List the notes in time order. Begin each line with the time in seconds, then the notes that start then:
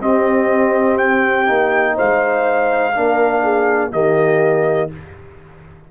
0.00 C4 G4 D#5
0.98 G5
1.45 A#3 D#4
1.95 C5 F5
2.01 G#3
2.95 A#3 D4 A#4
3.44 G#4
3.91 D#3 A#3 G4 D#5